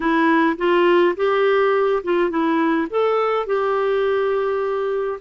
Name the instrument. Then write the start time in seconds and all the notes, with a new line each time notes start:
clarinet
0.00 E4
0.57 F4
1.16 G4
2.03 F4
2.29 E4
2.90 A4
3.46 G4